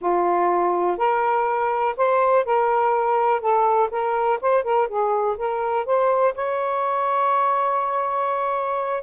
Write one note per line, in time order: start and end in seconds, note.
0.01 0.97 F4
0.97 1.95 A#4
1.96 2.45 C5
2.45 3.40 A#4
3.40 3.89 A4
3.90 4.39 A#4
4.41 4.63 C5
4.63 4.88 A#4
4.88 5.36 G#4
5.37 5.85 A#4
5.85 6.34 C5
6.34 9.03 C#5